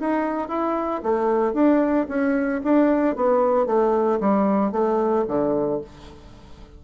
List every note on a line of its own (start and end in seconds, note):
0.00 0.48 D#4
0.48 1.01 E4
1.03 1.54 A3
1.54 2.07 D4
2.09 2.62 C#4
2.64 3.16 D4
3.16 3.67 B3
3.67 4.20 A3
4.20 4.72 G3
4.72 5.25 A3
5.28 5.81 D3